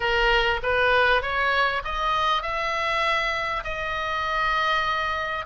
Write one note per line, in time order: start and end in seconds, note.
0.00 0.60 A#4
0.62 1.21 B4
1.21 1.82 C#5
1.84 2.42 D#5
2.42 3.63 E5
3.64 5.45 D#5